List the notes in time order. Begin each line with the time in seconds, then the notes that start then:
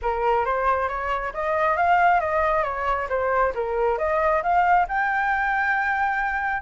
0.02 A#4
0.45 C5
0.88 C#5
1.33 D#5
1.76 F5
2.20 D#5
2.63 C#5
3.09 C5
3.55 A#4
3.98 D#5
4.42 F5
4.88 G5